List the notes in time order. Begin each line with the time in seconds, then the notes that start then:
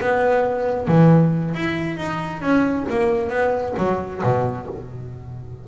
0.00 B3
0.88 E3
1.55 E4
1.97 D#4
2.41 C#4
2.89 A#3
3.29 B3
3.78 F#3
4.23 B2